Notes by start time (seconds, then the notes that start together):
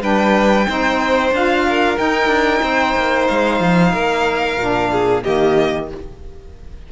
0.00 G3 D4 B4 G5
0.67 C4 D#4 C5
1.31 D4 F4 F5
1.68 A#4
1.96 D#4 G5
2.27 D4
2.62 C4 C5
2.96 A#3
3.27 G#3 F5
3.60 F3
3.93 A#3 A#4
4.57 A#2 D4
4.91 G#4
5.23 D#3 A#3 G4 D#5